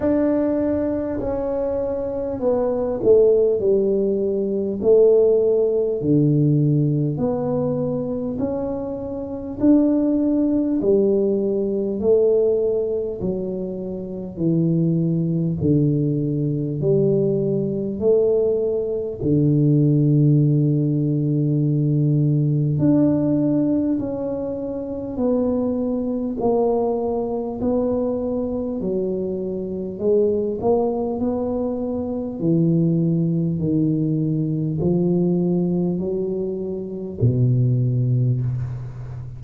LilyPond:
\new Staff \with { instrumentName = "tuba" } { \time 4/4 \tempo 4 = 50 d'4 cis'4 b8 a8 g4 | a4 d4 b4 cis'4 | d'4 g4 a4 fis4 | e4 d4 g4 a4 |
d2. d'4 | cis'4 b4 ais4 b4 | fis4 gis8 ais8 b4 e4 | dis4 f4 fis4 b,4 | }